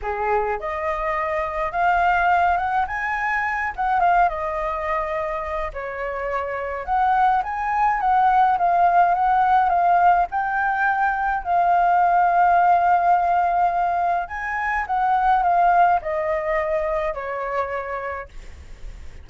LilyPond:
\new Staff \with { instrumentName = "flute" } { \time 4/4 \tempo 4 = 105 gis'4 dis''2 f''4~ | f''8 fis''8 gis''4. fis''8 f''8 dis''8~ | dis''2 cis''2 | fis''4 gis''4 fis''4 f''4 |
fis''4 f''4 g''2 | f''1~ | f''4 gis''4 fis''4 f''4 | dis''2 cis''2 | }